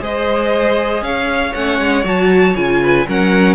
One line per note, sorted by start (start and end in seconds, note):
0.00 1.01 G#3
0.00 1.53 G#4
0.00 1.03 C5
0.00 1.03 D#5
1.01 1.52 C#4
1.01 2.81 C#5
1.01 1.53 F5
1.54 1.80 A3
1.54 2.03 C#4
1.54 2.05 F#5
1.80 2.04 G#3
2.03 2.55 F#3
2.03 2.54 F#4
2.03 2.56 A5
2.56 3.06 C#3
2.56 3.06 F4
2.56 3.07 G#5
2.82 3.07 B4
3.07 3.54 F#3
3.07 3.54 C#4
3.07 3.54 A#4
3.07 3.54 F#5